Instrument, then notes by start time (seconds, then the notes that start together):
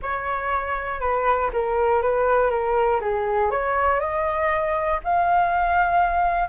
flute
0.02 C#5
1.00 B4
1.52 A#4
2.02 B4
2.50 A#4
3.00 G#4
3.50 C#5
4.00 D#5
5.04 F5